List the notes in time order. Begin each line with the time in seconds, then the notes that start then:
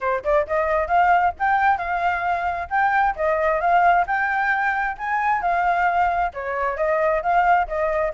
0.01 C5
0.24 D5
0.47 D#5
0.87 F5
1.39 G5
1.78 F5
2.70 G5
3.16 D#5
3.60 F5
4.06 G5
4.97 G#5
5.41 F5
6.33 C#5
6.76 D#5
7.22 F5
7.67 D#5